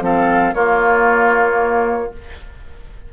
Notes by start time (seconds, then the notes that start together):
0.00 F3 C4 A4 F5
0.53 A#3 F4 C#5